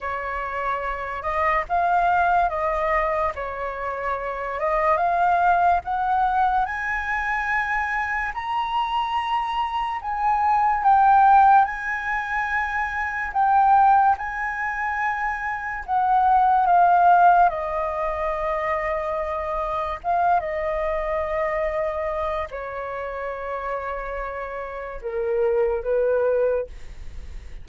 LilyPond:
\new Staff \with { instrumentName = "flute" } { \time 4/4 \tempo 4 = 72 cis''4. dis''8 f''4 dis''4 | cis''4. dis''8 f''4 fis''4 | gis''2 ais''2 | gis''4 g''4 gis''2 |
g''4 gis''2 fis''4 | f''4 dis''2. | f''8 dis''2~ dis''8 cis''4~ | cis''2 ais'4 b'4 | }